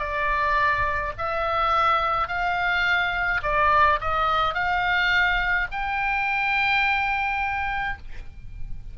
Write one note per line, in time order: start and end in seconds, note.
0.00 1.13 D5
1.18 2.28 E5
2.28 3.41 F5
3.43 4.00 D5
4.01 4.55 D#5
4.55 5.68 F5
5.72 7.98 G5